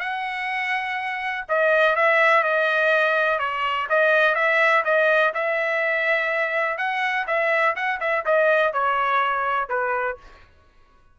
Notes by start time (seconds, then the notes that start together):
0.00 F#5
1.49 D#5
1.96 E5
2.43 D#5
3.39 C#5
3.90 D#5
4.35 E5
4.85 D#5
5.34 E5
6.78 F#5
7.27 E5
7.76 F#5
8.00 E5
8.26 D#5
8.73 C#5
9.69 B4